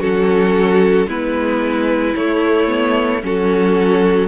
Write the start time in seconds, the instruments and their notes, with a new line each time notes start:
0.00 cello F#3, viola C#4, violin F#4 A4
1.07 cello G#3, viola B3, violin E4 B4
2.16 cello A3, viola A3, violin C#5
2.67 viola B3
3.23 cello F#3, viola C#4, violin F#4 A4